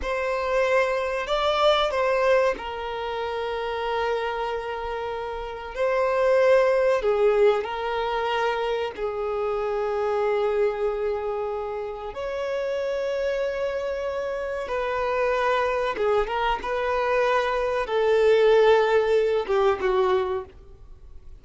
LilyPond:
\new Staff \with { instrumentName = "violin" } { \time 4/4 \tempo 4 = 94 c''2 d''4 c''4 | ais'1~ | ais'4 c''2 gis'4 | ais'2 gis'2~ |
gis'2. cis''4~ | cis''2. b'4~ | b'4 gis'8 ais'8 b'2 | a'2~ a'8 g'8 fis'4 | }